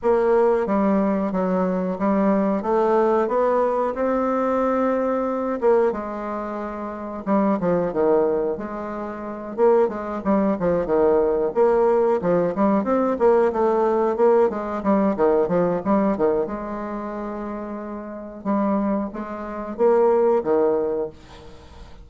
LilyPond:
\new Staff \with { instrumentName = "bassoon" } { \time 4/4 \tempo 4 = 91 ais4 g4 fis4 g4 | a4 b4 c'2~ | c'8 ais8 gis2 g8 f8 | dis4 gis4. ais8 gis8 g8 |
f8 dis4 ais4 f8 g8 c'8 | ais8 a4 ais8 gis8 g8 dis8 f8 | g8 dis8 gis2. | g4 gis4 ais4 dis4 | }